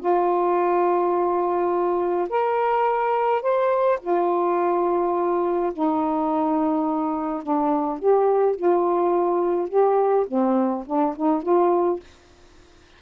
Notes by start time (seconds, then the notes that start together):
0.00 F4
2.29 A#4
3.42 C5
4.01 F4
5.73 D#4
7.43 D4
7.99 G4
8.56 F4
9.69 G4
10.28 C4
10.86 D4
11.16 D#4
11.43 F4